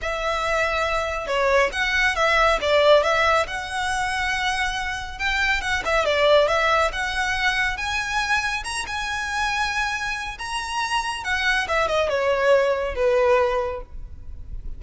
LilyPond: \new Staff \with { instrumentName = "violin" } { \time 4/4 \tempo 4 = 139 e''2. cis''4 | fis''4 e''4 d''4 e''4 | fis''1 | g''4 fis''8 e''8 d''4 e''4 |
fis''2 gis''2 | ais''8 gis''2.~ gis''8 | ais''2 fis''4 e''8 dis''8 | cis''2 b'2 | }